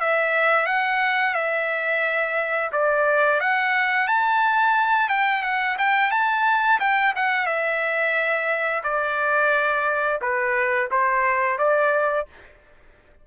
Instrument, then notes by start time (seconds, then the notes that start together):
trumpet
0.00 E5
0.66 F#5
1.34 E5
2.72 D5
3.40 F#5
4.07 A5
5.09 G5
5.42 F#5
5.78 G5
6.11 A5
6.80 G5
7.16 F#5
7.46 E5
8.83 D5
10.21 B4
10.91 C5
11.58 D5